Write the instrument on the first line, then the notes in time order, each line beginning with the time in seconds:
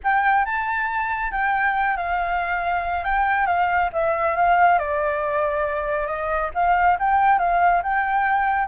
flute
0.03 G5
0.45 A5
1.31 G5
1.96 F5
3.04 G5
3.46 F5
3.92 E5
4.36 F5
4.78 D5
6.07 D#5
6.54 F5
6.99 G5
7.38 F5
7.83 G5